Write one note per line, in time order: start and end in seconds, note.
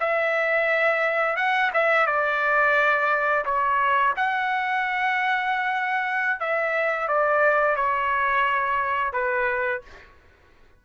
0.00 1.36 E5
1.36 1.71 F#5
1.74 2.07 E5
2.07 3.45 D5
3.45 4.14 C#5
4.17 6.40 F#5
6.40 7.08 E5
7.08 7.76 D5
7.76 9.13 C#5
9.13 9.82 B4